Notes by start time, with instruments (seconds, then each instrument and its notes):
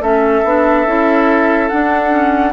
0.00 bassoon A3, clarinet C#4, oboe A4, flute E5
0.44 bassoon B3, clarinet D4
0.86 bassoon C#4, clarinet E4
1.68 clarinet D4, bassoon D4, flute F#5
2.10 clarinet C#4